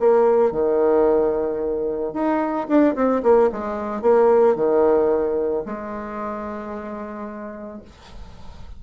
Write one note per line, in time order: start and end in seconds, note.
0.00 0.52 A#3
0.52 2.14 D#3
2.14 2.68 D#4
2.68 2.95 D4
2.96 3.23 C4
3.23 3.50 A#3
3.53 4.02 G#3
4.02 4.56 A#3
4.56 5.64 D#3
5.66 7.82 G#3